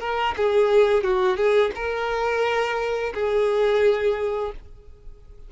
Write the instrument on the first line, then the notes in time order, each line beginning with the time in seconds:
violin
0.00 A#4
0.37 G#4
1.03 F#4
1.37 G#4
1.75 A#4
3.14 G#4